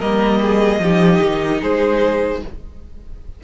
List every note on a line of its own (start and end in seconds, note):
0.00 0.80 G3
0.00 0.82 A#3
0.00 0.40 A#4
0.00 1.61 D#5
0.42 0.82 G#4
0.80 1.20 F3
0.80 2.44 D#4
0.80 1.62 G4
1.21 1.61 D#3
1.62 2.43 G#3
1.62 2.42 G#4
1.62 2.43 C5